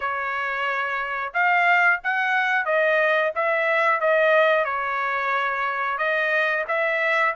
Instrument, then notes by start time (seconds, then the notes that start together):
trumpet
0.00 C#5
1.33 F5
2.03 F#5
2.65 D#5
3.35 E5
4.00 D#5
4.65 C#5
5.98 D#5
6.68 E5